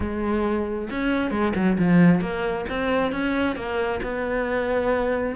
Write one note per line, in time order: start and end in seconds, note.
0.00 0.89 G#3
0.90 1.30 C#4
1.30 1.53 G#3
1.55 1.77 F#3
1.78 2.21 F3
2.21 2.65 A#3
2.69 3.12 C4
3.12 3.56 C#4
3.56 4.00 A#3
4.02 5.36 B3